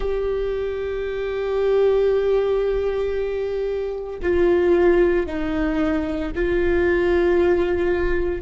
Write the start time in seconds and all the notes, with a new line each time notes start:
0.00 G4
4.22 F4
5.26 D#4
6.34 F4